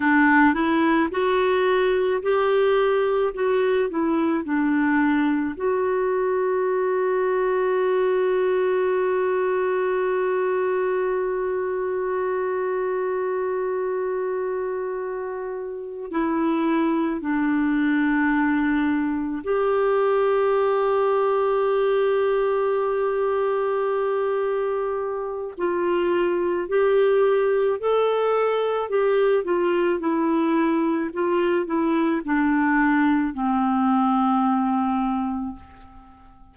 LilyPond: \new Staff \with { instrumentName = "clarinet" } { \time 4/4 \tempo 4 = 54 d'8 e'8 fis'4 g'4 fis'8 e'8 | d'4 fis'2.~ | fis'1~ | fis'2~ fis'8 e'4 d'8~ |
d'4. g'2~ g'8~ | g'2. f'4 | g'4 a'4 g'8 f'8 e'4 | f'8 e'8 d'4 c'2 | }